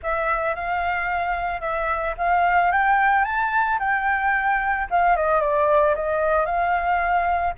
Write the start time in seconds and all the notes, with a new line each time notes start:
0.02 E5
0.55 F5
1.60 E5
2.17 F5
2.71 G5
3.24 A5
3.79 G5
4.90 F5
5.16 D#5
5.40 D5
5.95 D#5
6.45 F5